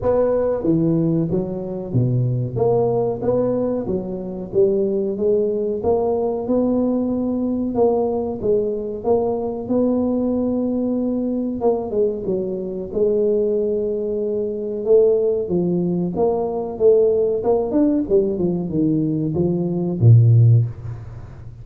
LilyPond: \new Staff \with { instrumentName = "tuba" } { \time 4/4 \tempo 4 = 93 b4 e4 fis4 b,4 | ais4 b4 fis4 g4 | gis4 ais4 b2 | ais4 gis4 ais4 b4~ |
b2 ais8 gis8 fis4 | gis2. a4 | f4 ais4 a4 ais8 d'8 | g8 f8 dis4 f4 ais,4 | }